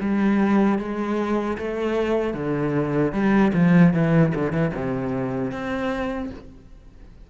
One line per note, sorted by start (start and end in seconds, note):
0.00 0.78 G3
0.78 1.57 G#3
1.58 2.33 A3
2.33 3.12 D3
3.12 3.52 G3
3.53 3.93 F3
3.93 4.32 E3
4.34 4.52 D3
4.52 4.72 E3
4.74 5.51 C3
5.51 6.30 C4